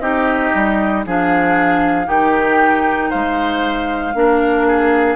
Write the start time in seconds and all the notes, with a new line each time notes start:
0.00 C4 D#4 G4 D#5
0.54 G3
1.06 F3 D4 G#4 F5
2.06 D#3 D#4 G4 G5
3.10 G#3 C5 F5
4.14 A#3 D4 A#4
4.67 G#4